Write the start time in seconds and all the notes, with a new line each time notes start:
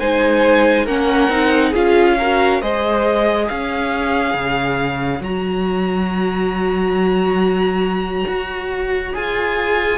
0.00 G#3 D#4 C5 G#5
0.85 A#3 C#4 A#4 F#5
1.28 C4 D#4
1.70 C#4 F4 G#4 F5
2.18 F#4 A#4
2.62 G#3 G#4 C5 D#5
3.47 C#4 C#5 F5
4.34 C#3
5.20 F#3 F#4 A#5
8.28 F#4
9.13 F4 G#4 G#5